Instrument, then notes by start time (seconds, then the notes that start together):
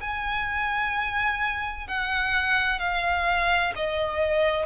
violin
0.00 G#5
1.87 F#5
2.79 F5
3.75 D#5